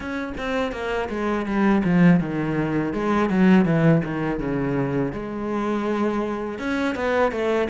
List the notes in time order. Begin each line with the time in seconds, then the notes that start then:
0.00 C#4
0.37 C4
0.72 A#3
1.09 G#3
1.45 G3
1.84 F3
2.20 D#3
2.93 G#3
3.29 F#3
3.65 E3
4.04 D#3
4.39 C#3
5.12 G#3
6.59 C#4
6.95 B3
7.31 A3